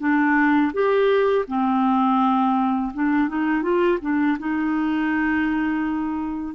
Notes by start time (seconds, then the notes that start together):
0.00 D4
0.74 G4
1.48 C4
2.94 D4
3.29 D#4
3.63 F4
4.02 D4
4.39 D#4